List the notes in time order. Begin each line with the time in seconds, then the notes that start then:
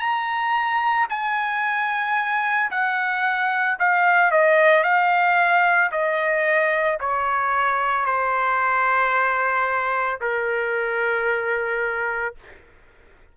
0.00 A#5
1.10 G#5
2.71 F#5
3.79 F5
4.31 D#5
4.84 F5
5.92 D#5
7.00 C#5
8.06 C5
10.21 A#4